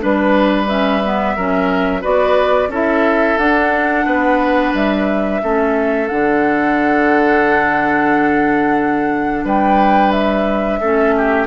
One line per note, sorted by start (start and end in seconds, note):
0.00 1.37 G3
0.00 0.67 D4
0.00 1.36 B4
0.00 0.68 B4
0.68 1.03 C#4
0.68 2.03 E5
1.04 1.38 B3
1.36 2.04 F#3
1.36 2.02 C#4
1.36 2.01 A#4
2.01 2.68 B3
2.01 2.69 F#4
2.01 2.69 B4
2.01 2.71 D5
2.68 3.36 C#4
2.68 3.40 E4
2.68 4.06 A4
2.75 3.38 E5
3.38 4.06 D4
3.38 5.42 D4
3.38 4.73 F#5
4.06 4.73 B3
4.06 5.41 B4
4.74 5.41 G3
4.74 6.08 E5
5.42 6.11 A3
5.42 6.09 C#4
5.42 9.45 A4
6.08 9.45 D3
6.08 10.81 D4
6.08 9.45 F#5
9.45 10.79 G3
9.45 10.80 B4
9.45 10.12 G5
10.12 11.47 E5
10.81 11.47 A3
10.81 11.47 C#4
10.81 11.14 A4
11.18 11.47 G4